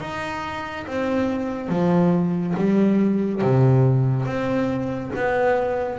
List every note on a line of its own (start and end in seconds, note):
0.00 0.86 D#4
0.86 1.69 C4
1.69 2.54 F3
2.56 3.41 G3
3.41 4.25 C3
4.25 5.11 C4
5.15 5.99 B3